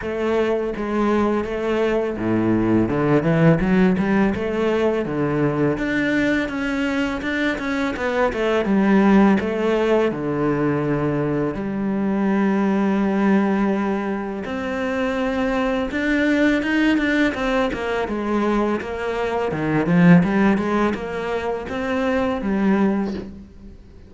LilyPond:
\new Staff \with { instrumentName = "cello" } { \time 4/4 \tempo 4 = 83 a4 gis4 a4 a,4 | d8 e8 fis8 g8 a4 d4 | d'4 cis'4 d'8 cis'8 b8 a8 | g4 a4 d2 |
g1 | c'2 d'4 dis'8 d'8 | c'8 ais8 gis4 ais4 dis8 f8 | g8 gis8 ais4 c'4 g4 | }